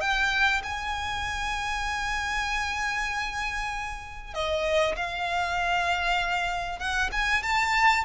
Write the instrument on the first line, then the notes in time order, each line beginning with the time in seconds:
violin
0.00 G5
0.63 G#5
4.34 D#5
4.96 F5
6.79 F#5
7.12 G#5
7.42 A5